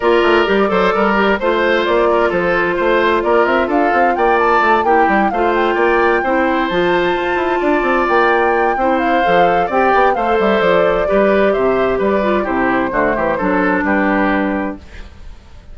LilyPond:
<<
  \new Staff \with { instrumentName = "flute" } { \time 4/4 \tempo 4 = 130 d''2. c''4 | d''4 c''2 d''8 e''8 | f''4 g''8 a''4 g''4 f''8 | g''2~ g''8 a''4.~ |
a''4. g''2 f''8~ | f''4 g''4 f''8 e''8 d''4~ | d''4 e''4 d''4 c''4~ | c''2 b'2 | }
  \new Staff \with { instrumentName = "oboe" } { \time 4/4 ais'4. c''8 ais'4 c''4~ | c''8 ais'8 a'4 c''4 ais'4 | a'4 d''4. g'4 c''8~ | c''8 d''4 c''2~ c''8~ |
c''8 d''2~ d''8 c''4~ | c''4 d''4 c''2 | b'4 c''4 b'4 g'4 | fis'8 g'8 a'4 g'2 | }
  \new Staff \with { instrumentName = "clarinet" } { \time 4/4 f'4 g'8 a'4 g'8 f'4~ | f'1~ | f'2~ f'8 e'4 f'8~ | f'4. e'4 f'4.~ |
f'2. e'4 | a'4 g'4 a'2 | g'2~ g'8 f'8 e'4 | a4 d'2. | }
  \new Staff \with { instrumentName = "bassoon" } { \time 4/4 ais8 a8 g8 fis8 g4 a4 | ais4 f4 a4 ais8 c'8 | d'8 c'8 ais4 a8 ais8 g8 a8~ | a8 ais4 c'4 f4 f'8 |
e'8 d'8 c'8 ais4. c'4 | f4 c'8 b8 a8 g8 f4 | g4 c4 g4 c4 | d8 e8 fis4 g2 | }
>>